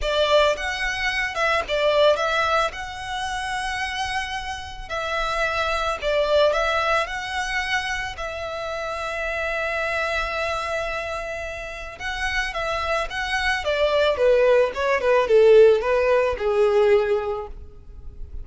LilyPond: \new Staff \with { instrumentName = "violin" } { \time 4/4 \tempo 4 = 110 d''4 fis''4. e''8 d''4 | e''4 fis''2.~ | fis''4 e''2 d''4 | e''4 fis''2 e''4~ |
e''1~ | e''2 fis''4 e''4 | fis''4 d''4 b'4 cis''8 b'8 | a'4 b'4 gis'2 | }